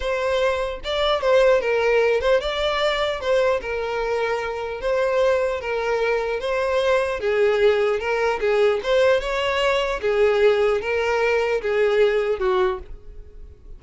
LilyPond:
\new Staff \with { instrumentName = "violin" } { \time 4/4 \tempo 4 = 150 c''2 d''4 c''4 | ais'4. c''8 d''2 | c''4 ais'2. | c''2 ais'2 |
c''2 gis'2 | ais'4 gis'4 c''4 cis''4~ | cis''4 gis'2 ais'4~ | ais'4 gis'2 fis'4 | }